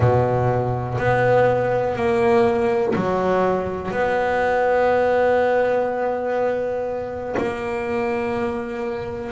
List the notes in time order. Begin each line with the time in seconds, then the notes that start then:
0.00 B2
0.98 B3
1.95 A#3
2.95 F#3
3.91 B3
7.37 A#3